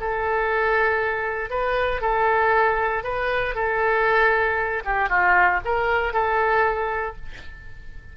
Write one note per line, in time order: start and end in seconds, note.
0.00 1.50 A4
1.50 2.01 B4
2.01 3.04 A4
3.04 3.55 B4
3.55 4.83 A4
4.85 5.09 G4
5.09 5.60 F4
5.65 6.13 A#4
6.13 7.16 A4